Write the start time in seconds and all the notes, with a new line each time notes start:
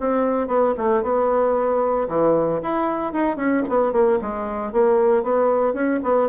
0.00 C4
0.48 B3
0.77 A3
1.03 B3
2.08 E3
2.62 E4
3.13 D#4
3.37 C#4
3.69 B3
3.92 A#3
4.21 G#3
4.72 A#3
5.23 B3
5.74 C#4
6.03 B3